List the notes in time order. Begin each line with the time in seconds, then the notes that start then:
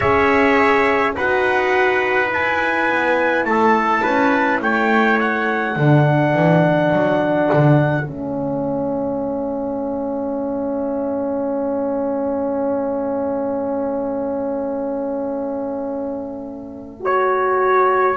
0.00 C#4 G#4 C#5 E5
1.16 D#4 F#4 B4 F#5
2.28 E4 G#5
2.89 B3
3.44 A3 A4 A5
4.02 C#4 B4
4.61 A3 C#5 G5
5.20 F#5
5.74 D3 D4 A4
6.33 E3
6.92 F#3
7.53 D3
8.06 A3 C#4 E5
17.00 F#4 C#5